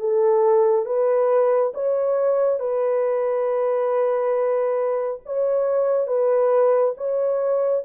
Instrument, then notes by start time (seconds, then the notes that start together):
horn
0.00 A4
0.86 B4
1.74 C#5
2.60 B4
5.26 C#5
6.08 B4
6.97 C#5